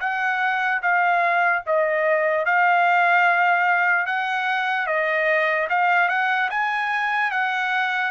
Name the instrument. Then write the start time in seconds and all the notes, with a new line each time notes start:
trumpet
0.00 F#5
0.82 F5
1.66 D#5
2.45 F5
4.06 F#5
4.86 D#5
5.69 F5
6.08 F#5
6.50 G#5
7.30 F#5